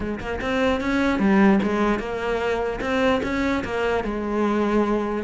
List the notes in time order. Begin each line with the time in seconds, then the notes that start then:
0.00 G#3
0.19 A#3
0.41 C4
0.81 C#4
1.19 G3
1.62 G#3
1.99 A#3
2.81 C4
3.23 C#4
3.64 A#3
4.04 G#3